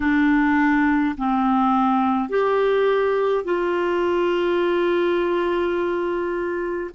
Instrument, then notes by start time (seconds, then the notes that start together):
clarinet
0.00 D4
1.17 C4
2.29 G4
3.44 F4